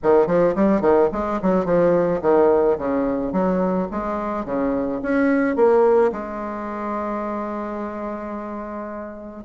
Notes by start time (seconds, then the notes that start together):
0.02 D#3
0.26 F3
0.55 G3
0.81 D#3
1.12 G#3
1.42 F#3
1.65 F3
2.21 D#3
2.78 C#3
3.32 F#3
3.91 G#3
4.45 C#3
5.02 C#4
5.56 A#3
6.12 G#3